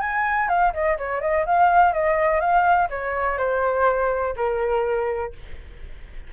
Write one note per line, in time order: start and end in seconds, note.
0.00 0.48 G#5
0.48 0.73 F5
0.73 0.97 D#5
0.98 1.21 C#5
1.21 1.45 D#5
1.46 1.93 F5
1.93 2.40 D#5
2.40 2.88 F5
2.90 3.38 C#5
3.38 4.34 C5
4.36 5.33 A#4